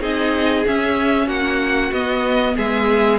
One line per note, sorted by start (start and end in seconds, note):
0.00 0.64 C4
0.00 0.64 D#4
0.00 1.26 G#4
0.00 0.66 D#5
0.65 1.92 C#4
0.65 1.27 C#4
0.65 1.28 E5
1.26 1.91 A#3
1.26 2.54 F#4
1.26 1.92 F#5
1.91 2.55 B3
1.91 3.18 B3
1.91 2.56 D#5
2.56 3.18 G#3
2.56 3.18 G#4
2.56 3.18 E5